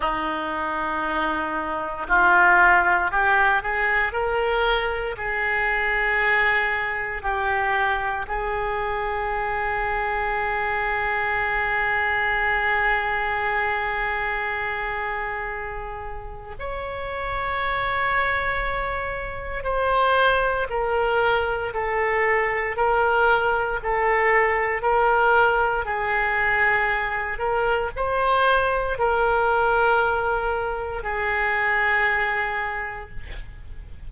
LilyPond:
\new Staff \with { instrumentName = "oboe" } { \time 4/4 \tempo 4 = 58 dis'2 f'4 g'8 gis'8 | ais'4 gis'2 g'4 | gis'1~ | gis'1 |
cis''2. c''4 | ais'4 a'4 ais'4 a'4 | ais'4 gis'4. ais'8 c''4 | ais'2 gis'2 | }